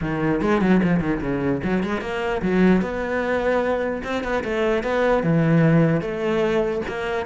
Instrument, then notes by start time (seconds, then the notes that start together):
cello
0.01 D#3
0.41 G#3
0.61 F#3
0.83 F3
1.00 D#3
1.21 C#3
1.63 F#3
1.83 G#3
2.01 A#3
2.42 F#3
2.81 B3
4.03 C4
4.23 B3
4.44 A3
4.83 B3
5.23 E3
6.01 A3
6.87 A#3